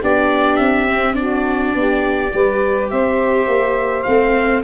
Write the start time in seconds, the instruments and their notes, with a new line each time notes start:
0.00 tuba B3, viola D4, saxophone G4, trumpet D5
0.57 tuba C4, trumpet E5
0.89 viola C4
1.14 viola D4, saxophone F#4, trumpet D5
1.75 tuba B3, saxophone G4
2.33 tuba G3, viola G4, saxophone B4
2.91 tuba C4, saxophone C5, trumpet E5
3.48 tuba A#3
4.03 tuba A3, viola C4, trumpet F5